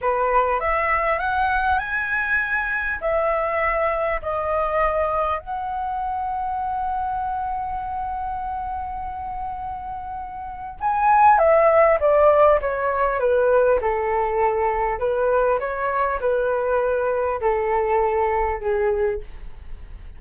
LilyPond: \new Staff \with { instrumentName = "flute" } { \time 4/4 \tempo 4 = 100 b'4 e''4 fis''4 gis''4~ | gis''4 e''2 dis''4~ | dis''4 fis''2.~ | fis''1~ |
fis''2 gis''4 e''4 | d''4 cis''4 b'4 a'4~ | a'4 b'4 cis''4 b'4~ | b'4 a'2 gis'4 | }